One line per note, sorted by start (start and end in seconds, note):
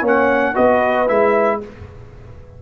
0.00 0.54 A#3
0.00 0.54 C#4
0.00 0.53 C#5
0.07 0.56 F#5
0.53 1.09 B3
0.53 1.07 F#4
0.53 1.59 B4
0.53 1.08 D#5
1.08 1.62 G#3
1.08 1.61 E4
1.08 1.61 E5